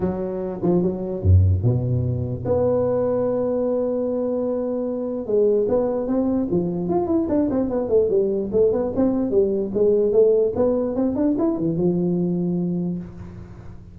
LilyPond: \new Staff \with { instrumentName = "tuba" } { \time 4/4 \tempo 4 = 148 fis4. f8 fis4 fis,4 | b,2 b2~ | b1~ | b4 gis4 b4 c'4 |
f4 f'8 e'8 d'8 c'8 b8 a8 | g4 a8 b8 c'4 g4 | gis4 a4 b4 c'8 d'8 | e'8 e8 f2. | }